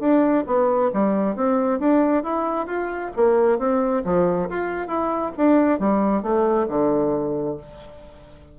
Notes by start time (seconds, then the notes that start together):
0.00 D4
0.47 B3
0.93 G3
1.36 C4
1.79 D4
2.23 E4
2.67 F4
3.16 A#3
3.59 C4
4.05 F3
4.50 F4
4.87 E4
5.37 D4
5.79 G3
6.23 A3
6.68 D3